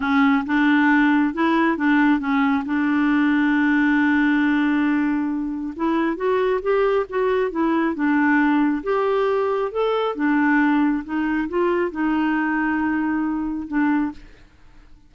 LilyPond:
\new Staff \with { instrumentName = "clarinet" } { \time 4/4 \tempo 4 = 136 cis'4 d'2 e'4 | d'4 cis'4 d'2~ | d'1~ | d'4 e'4 fis'4 g'4 |
fis'4 e'4 d'2 | g'2 a'4 d'4~ | d'4 dis'4 f'4 dis'4~ | dis'2. d'4 | }